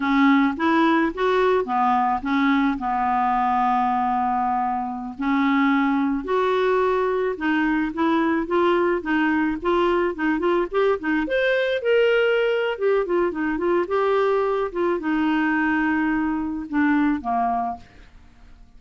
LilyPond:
\new Staff \with { instrumentName = "clarinet" } { \time 4/4 \tempo 4 = 108 cis'4 e'4 fis'4 b4 | cis'4 b2.~ | b4~ b16 cis'2 fis'8.~ | fis'4~ fis'16 dis'4 e'4 f'8.~ |
f'16 dis'4 f'4 dis'8 f'8 g'8 dis'16~ | dis'16 c''4 ais'4.~ ais'16 g'8 f'8 | dis'8 f'8 g'4. f'8 dis'4~ | dis'2 d'4 ais4 | }